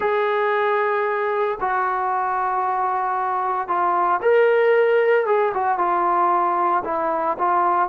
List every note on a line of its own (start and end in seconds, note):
0.00 1.58 G#4
1.60 3.67 F#4
3.67 4.20 F4
4.22 5.26 A#4
5.26 5.52 G#4
5.54 5.78 F#4
5.78 6.83 F4
6.84 7.37 E4
7.38 7.89 F4